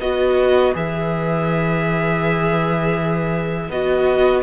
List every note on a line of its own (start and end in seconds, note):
0.00 0.75 B3
0.00 0.74 F#4
0.00 4.43 B4
0.00 0.74 D#5
0.74 3.70 E3
0.74 3.71 G#4
0.74 3.71 E5
3.70 4.43 B3
3.70 4.43 F#4
3.70 4.43 D#5